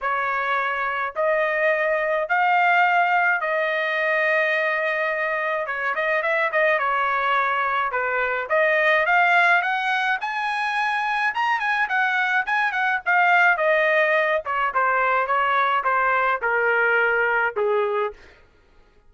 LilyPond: \new Staff \with { instrumentName = "trumpet" } { \time 4/4 \tempo 4 = 106 cis''2 dis''2 | f''2 dis''2~ | dis''2 cis''8 dis''8 e''8 dis''8 | cis''2 b'4 dis''4 |
f''4 fis''4 gis''2 | ais''8 gis''8 fis''4 gis''8 fis''8 f''4 | dis''4. cis''8 c''4 cis''4 | c''4 ais'2 gis'4 | }